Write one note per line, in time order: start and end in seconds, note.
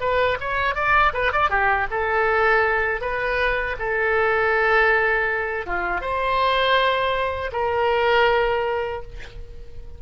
0.00 0.38 B4
0.40 0.75 C#5
0.75 1.12 D5
1.14 1.32 B4
1.32 1.50 D5
1.50 1.87 G4
1.91 3.01 A4
3.01 3.76 B4
3.79 5.66 A4
5.66 6.01 F4
6.01 7.51 C5
7.52 9.02 A#4